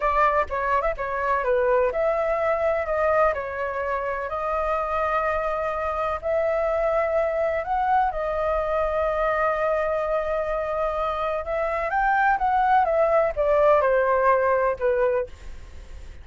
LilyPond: \new Staff \with { instrumentName = "flute" } { \time 4/4 \tempo 4 = 126 d''4 cis''8. e''16 cis''4 b'4 | e''2 dis''4 cis''4~ | cis''4 dis''2.~ | dis''4 e''2. |
fis''4 dis''2.~ | dis''1 | e''4 g''4 fis''4 e''4 | d''4 c''2 b'4 | }